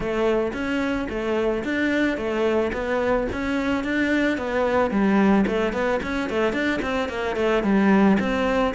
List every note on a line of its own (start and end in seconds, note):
0.00 0.52 A3
0.53 1.07 C#4
1.09 1.63 A3
1.64 2.17 D4
2.17 2.71 A3
2.72 3.27 B3
3.32 3.84 C#4
3.84 4.37 D4
4.37 4.90 B3
4.90 5.45 G3
5.46 5.72 A3
5.72 6.00 B3
6.02 6.29 C#4
6.29 6.53 A3
6.53 6.80 D4
6.82 7.08 C4
7.08 7.36 A#3
7.36 7.63 A3
7.63 8.17 G3
8.19 8.74 C4